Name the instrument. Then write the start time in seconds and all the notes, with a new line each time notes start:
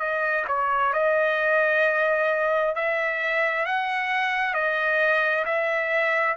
trumpet
0.00 D#5
0.48 C#5
0.94 D#5
2.76 E5
3.66 F#5
4.55 D#5
5.46 E5